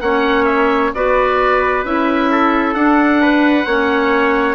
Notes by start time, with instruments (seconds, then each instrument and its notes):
0.00 bassoon A#3, clarinet C#4, trumpet C#5, oboe F#5
0.44 oboe E5
0.94 bassoon B3, clarinet F#4, trumpet B4, oboe D5
1.83 bassoon C#4, clarinet E4, oboe E5
2.31 trumpet A4
2.74 bassoon D4, clarinet D4, oboe F#5
3.21 trumpet B4
3.66 bassoon A#3, clarinet C#4, trumpet C#5